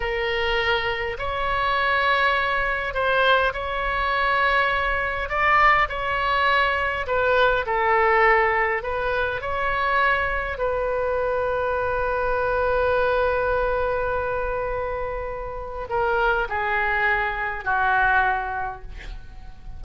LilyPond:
\new Staff \with { instrumentName = "oboe" } { \time 4/4 \tempo 4 = 102 ais'2 cis''2~ | cis''4 c''4 cis''2~ | cis''4 d''4 cis''2 | b'4 a'2 b'4 |
cis''2 b'2~ | b'1~ | b'2. ais'4 | gis'2 fis'2 | }